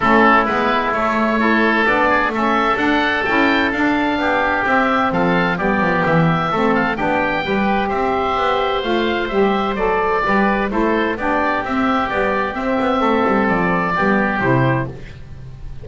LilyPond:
<<
  \new Staff \with { instrumentName = "oboe" } { \time 4/4 \tempo 4 = 129 a'4 b'4 cis''2 | d''4 e''4 fis''4 g''4 | f''2 e''4 f''4 | d''4 e''4. f''8 g''4~ |
g''4 e''2 f''4 | e''4 d''2 c''4 | d''4 e''4 d''4 e''4~ | e''4 d''2 c''4 | }
  \new Staff \with { instrumentName = "oboe" } { \time 4/4 e'2. a'4~ | a'8 gis'8 a'2.~ | a'4 g'2 a'4 | g'2 a'4 g'4 |
b'4 c''2.~ | c''2 b'4 a'4 | g'1 | a'2 g'2 | }
  \new Staff \with { instrumentName = "saxophone" } { \time 4/4 cis'4 b4 a4 e'4 | d'4 cis'4 d'4 e'4 | d'2 c'2 | b2 c'4 d'4 |
g'2. f'4 | g'4 a'4 g'4 e'4 | d'4 c'4 g4 c'4~ | c'2 b4 e'4 | }
  \new Staff \with { instrumentName = "double bass" } { \time 4/4 a4 gis4 a2 | b4 a4 d'4 cis'4 | d'4 b4 c'4 f4 | g8 f8 e4 a4 b4 |
g4 c'4 b4 a4 | g4 fis4 g4 a4 | b4 c'4 b4 c'8 b8 | a8 g8 f4 g4 c4 | }
>>